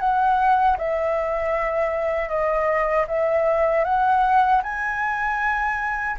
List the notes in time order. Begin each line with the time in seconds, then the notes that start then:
0.00 F#5
0.78 E5
2.29 D#5
3.07 E5
3.85 F#5
4.63 G#5